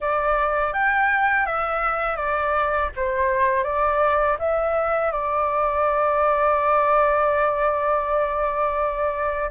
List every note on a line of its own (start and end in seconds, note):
0.00 0.73 D5
0.73 1.45 G5
1.45 2.16 E5
2.16 2.89 D5
2.96 3.63 C5
3.63 4.36 D5
4.39 5.11 E5
5.11 9.50 D5